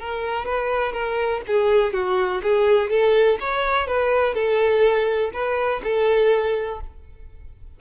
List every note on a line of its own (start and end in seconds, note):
0.00 0.46 A#4
0.46 0.93 B4
0.93 1.41 A#4
1.47 1.93 G#4
1.93 2.42 F#4
2.43 2.90 G#4
2.90 3.38 A4
3.40 3.87 C#5
3.87 4.34 B4
4.34 5.31 A4
5.33 5.82 B4
5.84 6.80 A4